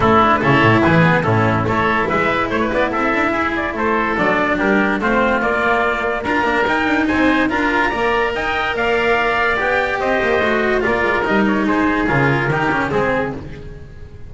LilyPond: <<
  \new Staff \with { instrumentName = "trumpet" } { \time 4/4 \tempo 4 = 144 a'8. b'16 cis''4 b'4 a'4 | cis''4 e''4 cis''8 d''8 e''4~ | e''8 d''8 c''4 d''4 ais'4 | c''4 d''2 ais''4 |
g''4 gis''4 ais''2 | g''4 f''2 g''4 | dis''2 d''4 dis''8 cis''8 | c''4 ais'2 gis'4 | }
  \new Staff \with { instrumentName = "oboe" } { \time 4/4 e'4 a'4 gis'4 e'4 | a'4 b'4 c''16 b'8. a'4 | gis'4 a'2 g'4 | f'2. ais'4~ |
ais'4 c''4 ais'4 d''4 | dis''4 d''2. | c''2 ais'2 | gis'2 g'4 gis'4 | }
  \new Staff \with { instrumentName = "cello" } { \time 4/4 cis'8 d'8 e'4. b8 cis'4 | e'1~ | e'2 d'2 | c'4 ais2 f'8 d'8 |
dis'2 f'4 ais'4~ | ais'2. g'4~ | g'4 fis'4 f'4 dis'4~ | dis'4 f'4 dis'8 cis'8 c'4 | }
  \new Staff \with { instrumentName = "double bass" } { \time 4/4 a4 cis8 a,8 e4 a,4 | a4 gis4 a8 b8 c'8 d'8 | e'4 a4 fis4 g4 | a4 ais2 d'8 ais8 |
dis'8 d'8 c'4 d'4 ais4 | dis'4 ais2 b4 | c'8 ais8 a4 ais8 gis8 g4 | gis4 cis4 dis4 gis4 | }
>>